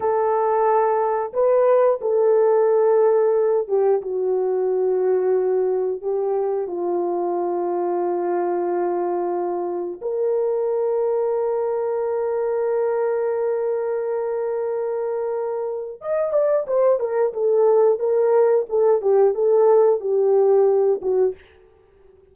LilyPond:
\new Staff \with { instrumentName = "horn" } { \time 4/4 \tempo 4 = 90 a'2 b'4 a'4~ | a'4. g'8 fis'2~ | fis'4 g'4 f'2~ | f'2. ais'4~ |
ais'1~ | ais'1 | dis''8 d''8 c''8 ais'8 a'4 ais'4 | a'8 g'8 a'4 g'4. fis'8 | }